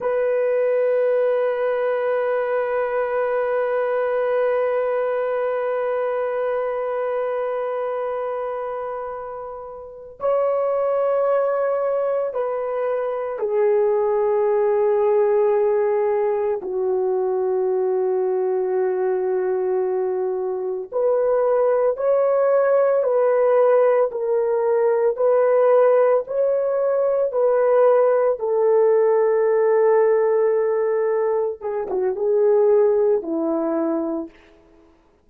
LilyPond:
\new Staff \with { instrumentName = "horn" } { \time 4/4 \tempo 4 = 56 b'1~ | b'1~ | b'4. cis''2 b'8~ | b'8 gis'2. fis'8~ |
fis'2.~ fis'8 b'8~ | b'8 cis''4 b'4 ais'4 b'8~ | b'8 cis''4 b'4 a'4.~ | a'4. gis'16 fis'16 gis'4 e'4 | }